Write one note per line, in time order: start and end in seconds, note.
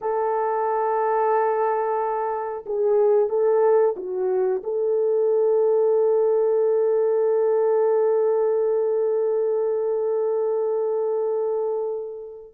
0.01 2.64 A4
2.66 3.29 G#4
3.29 3.95 A4
3.96 4.62 F#4
4.63 12.54 A4